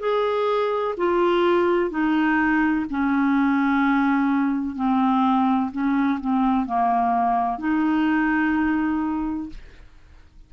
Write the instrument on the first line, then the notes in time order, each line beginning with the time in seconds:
clarinet
0.00 G#4
0.98 F4
1.91 D#4
2.90 C#4
4.76 C4
5.72 C#4
6.21 C4
6.67 A#3
7.59 D#4